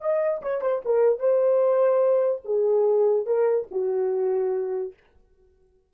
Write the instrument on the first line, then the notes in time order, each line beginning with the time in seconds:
horn
0.00 D#5
0.42 C#5
0.61 C5
0.85 A#4
1.19 C5
2.44 G#4
3.26 A#4
3.71 F#4